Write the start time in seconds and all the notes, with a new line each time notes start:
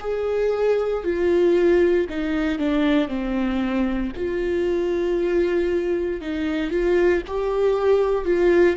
0.00 G#4
1.03 F4
2.09 D#4
2.59 D4
3.08 C4
4.16 F4
6.21 D#4
6.71 F4
7.27 G4
8.25 F4